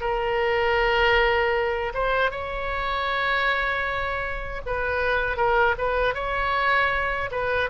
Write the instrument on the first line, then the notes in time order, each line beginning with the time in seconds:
oboe
0.00 A#4
1.94 C5
2.30 C#5
4.65 B4
5.36 A#4
5.77 B4
6.14 C#5
7.31 B4